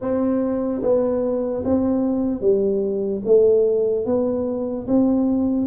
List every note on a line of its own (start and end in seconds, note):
0.01 0.82 C4
0.82 1.63 B3
1.64 2.40 C4
2.40 3.21 G3
3.25 4.05 A3
4.05 4.86 B3
4.86 5.66 C4